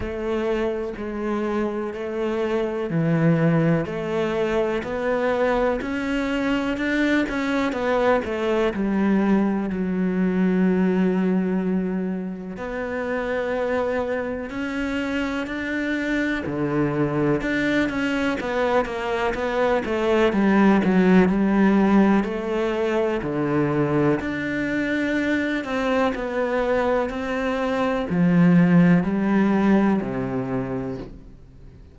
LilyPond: \new Staff \with { instrumentName = "cello" } { \time 4/4 \tempo 4 = 62 a4 gis4 a4 e4 | a4 b4 cis'4 d'8 cis'8 | b8 a8 g4 fis2~ | fis4 b2 cis'4 |
d'4 d4 d'8 cis'8 b8 ais8 | b8 a8 g8 fis8 g4 a4 | d4 d'4. c'8 b4 | c'4 f4 g4 c4 | }